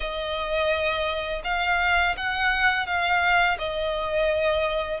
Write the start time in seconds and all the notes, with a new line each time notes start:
0.00 D#5
1.44 F5
2.16 F#5
2.86 F5
3.58 D#5